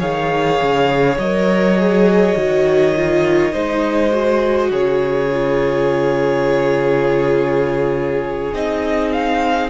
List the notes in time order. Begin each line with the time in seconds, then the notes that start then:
0.00 D#3 G#4 C#5 F5
0.62 C#3
1.18 F#3 A#4 D#5
1.78 G#4
2.36 D#3 F#4
2.96 F4
3.53 G#3 D#4 C5
4.11 F#4
4.70 C#3 G#4 C#5
5.31 F4
8.53 C4 D#4 D#5
9.12 F5